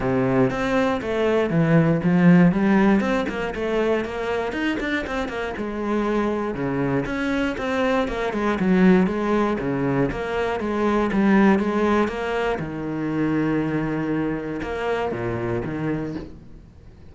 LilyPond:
\new Staff \with { instrumentName = "cello" } { \time 4/4 \tempo 4 = 119 c4 c'4 a4 e4 | f4 g4 c'8 ais8 a4 | ais4 dis'8 d'8 c'8 ais8 gis4~ | gis4 cis4 cis'4 c'4 |
ais8 gis8 fis4 gis4 cis4 | ais4 gis4 g4 gis4 | ais4 dis2.~ | dis4 ais4 ais,4 dis4 | }